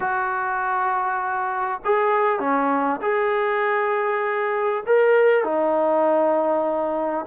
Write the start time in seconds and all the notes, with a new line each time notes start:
0.00 F#4
1.84 G#4
2.39 C#4
3.01 G#4
4.86 A#4
5.44 D#4